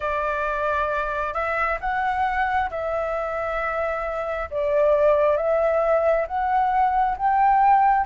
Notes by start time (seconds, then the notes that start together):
0.00 D5
1.33 E5
1.80 F#5
2.70 E5
4.50 D5
5.36 E5
6.27 F#5
7.17 G5